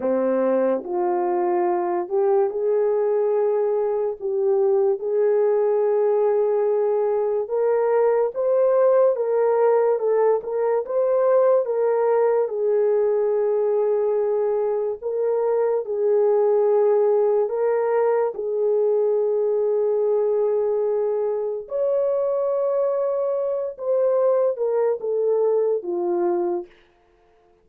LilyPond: \new Staff \with { instrumentName = "horn" } { \time 4/4 \tempo 4 = 72 c'4 f'4. g'8 gis'4~ | gis'4 g'4 gis'2~ | gis'4 ais'4 c''4 ais'4 | a'8 ais'8 c''4 ais'4 gis'4~ |
gis'2 ais'4 gis'4~ | gis'4 ais'4 gis'2~ | gis'2 cis''2~ | cis''8 c''4 ais'8 a'4 f'4 | }